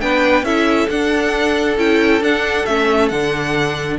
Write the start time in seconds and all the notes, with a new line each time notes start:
0.00 B3 D4 B4 G5
0.42 C#4 E4 A4 E5
0.89 D4 F#5
1.77 C#4 E4 G5
2.21 D4 F#5
2.65 A3 C#4 E5
3.08 D3 D4 F#5